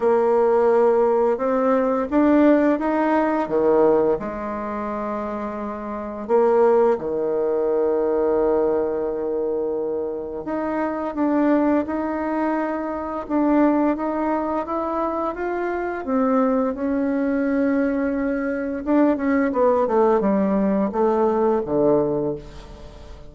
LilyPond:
\new Staff \with { instrumentName = "bassoon" } { \time 4/4 \tempo 4 = 86 ais2 c'4 d'4 | dis'4 dis4 gis2~ | gis4 ais4 dis2~ | dis2. dis'4 |
d'4 dis'2 d'4 | dis'4 e'4 f'4 c'4 | cis'2. d'8 cis'8 | b8 a8 g4 a4 d4 | }